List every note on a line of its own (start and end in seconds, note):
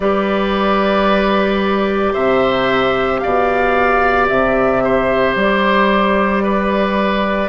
0.00 2.13 G3
0.00 7.49 G4
0.00 2.12 B4
0.00 2.14 D5
2.12 3.21 C3
2.12 3.19 C5
2.12 3.19 E5
3.19 4.29 B2
3.19 4.83 D5
3.19 4.26 F5
4.28 5.35 C3
4.28 5.35 E5
4.83 6.43 C5
5.35 7.49 G3
5.35 7.49 D5
6.43 7.49 B4